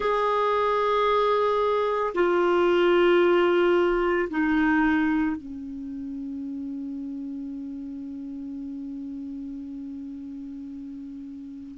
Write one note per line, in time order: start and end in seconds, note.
0.00 2.13 G#4
2.14 4.29 F4
4.30 5.36 D#4
5.36 11.78 C#4